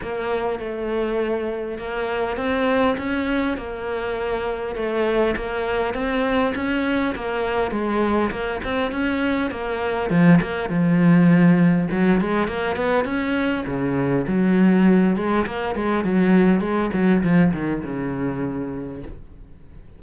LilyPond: \new Staff \with { instrumentName = "cello" } { \time 4/4 \tempo 4 = 101 ais4 a2 ais4 | c'4 cis'4 ais2 | a4 ais4 c'4 cis'4 | ais4 gis4 ais8 c'8 cis'4 |
ais4 f8 ais8 f2 | fis8 gis8 ais8 b8 cis'4 cis4 | fis4. gis8 ais8 gis8 fis4 | gis8 fis8 f8 dis8 cis2 | }